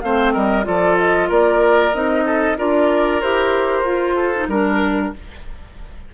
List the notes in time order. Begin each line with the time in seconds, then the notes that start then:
0.00 A3 C4 C5 F5
0.33 G3 A#4 D#5
0.63 F3 F4 A4 D5
0.97 D#5
1.28 A#3 A#4 D5
1.93 C4 D#4 D#5
2.25 A4
2.57 D4 F4 A#4 D5
3.21 E4 G4 C5
3.82 F4
4.15 A4
4.35 D#4
4.47 G3 D4 A#4